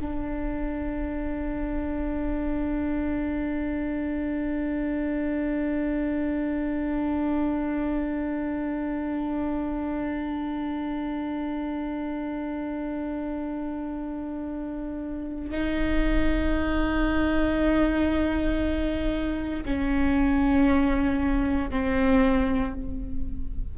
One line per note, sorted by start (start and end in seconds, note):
0.00 15.51 D4
15.51 19.65 D#4
19.66 21.71 C#4
21.71 22.74 C4